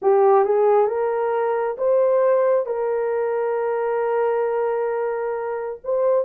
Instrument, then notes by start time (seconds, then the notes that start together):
horn
0.02 G4
0.44 G#4
0.87 A#4
1.77 C5
2.66 A#4
5.84 C5